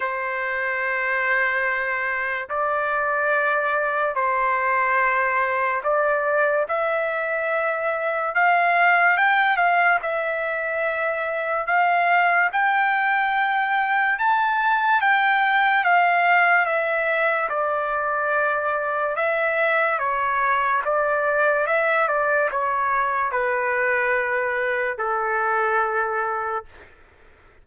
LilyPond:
\new Staff \with { instrumentName = "trumpet" } { \time 4/4 \tempo 4 = 72 c''2. d''4~ | d''4 c''2 d''4 | e''2 f''4 g''8 f''8 | e''2 f''4 g''4~ |
g''4 a''4 g''4 f''4 | e''4 d''2 e''4 | cis''4 d''4 e''8 d''8 cis''4 | b'2 a'2 | }